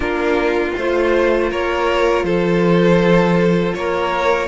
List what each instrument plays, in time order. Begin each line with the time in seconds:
0.00 cello A#3, viola D4, violin F4 A#4
0.76 cello A3, viola F4, violin C5
1.50 cello A#3, violin A#4 C#5
2.23 cello F3, violin A4 C5
3.74 cello A#3, violin A#4 C#5